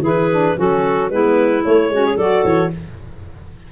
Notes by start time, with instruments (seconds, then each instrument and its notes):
0.00 tuba E3, saxophone E4, clarinet G#4
0.06 clarinet B4
0.30 saxophone D4
0.56 tuba F#3, saxophone C#4, clarinet F#4 A4
1.09 tuba G#3, saxophone B3, clarinet E4 B4
1.61 saxophone A3, tuba A3, clarinet C#5
1.89 tuba G#3, saxophone C#4, clarinet F#4
2.06 clarinet G#4
2.16 tuba F#3, saxophone F#4, clarinet A4 D5
2.44 tuba E3, clarinet C#5